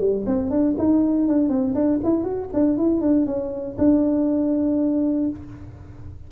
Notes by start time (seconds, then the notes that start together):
0.00 G3
0.26 C4
0.50 D4
0.78 D#4
1.28 D4
1.49 C4
1.75 D4
2.04 E4
2.24 F#4
2.54 D4
2.78 E4
3.01 D4
3.26 C#4
3.78 D4